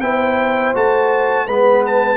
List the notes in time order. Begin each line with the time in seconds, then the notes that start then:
0.00 B3 E4 C5 G5
0.74 A3 F#4 A5
1.46 G#3 B3 B4 B5
1.86 A5